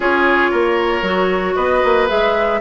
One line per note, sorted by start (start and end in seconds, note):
0.00 0.51 C#4
0.00 1.04 F4
0.00 0.50 G#4
0.00 1.55 C#5
0.50 1.02 A#3
0.50 1.55 A#4
1.02 1.54 F#3
1.02 2.08 F#4
1.55 1.82 B3
1.55 2.60 B4
1.55 2.07 D#5
1.84 2.10 A#3
2.08 2.61 G#3
2.08 2.60 G#4
2.08 2.61 E5